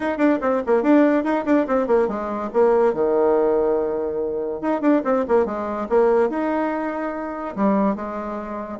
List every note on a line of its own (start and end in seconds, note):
0.00 0.17 D#4
0.17 0.38 D4
0.41 0.62 C4
0.66 0.83 A#3
0.83 1.24 D4
1.24 1.45 D#4
1.45 1.66 D4
1.67 1.87 C4
1.87 2.08 A#3
2.08 2.50 G#3
2.53 2.93 A#3
2.93 4.61 D#3
4.61 4.81 D#4
4.81 5.02 D4
5.04 5.25 C4
5.28 5.45 A#3
5.45 5.87 G#3
5.89 6.29 A#3
6.29 7.55 D#4
7.56 7.95 G3
7.95 8.79 G#3